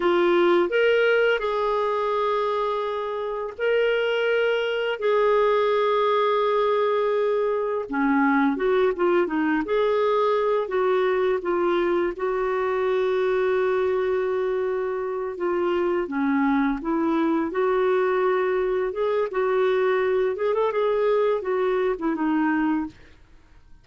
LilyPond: \new Staff \with { instrumentName = "clarinet" } { \time 4/4 \tempo 4 = 84 f'4 ais'4 gis'2~ | gis'4 ais'2 gis'4~ | gis'2. cis'4 | fis'8 f'8 dis'8 gis'4. fis'4 |
f'4 fis'2.~ | fis'4. f'4 cis'4 e'8~ | e'8 fis'2 gis'8 fis'4~ | fis'8 gis'16 a'16 gis'4 fis'8. e'16 dis'4 | }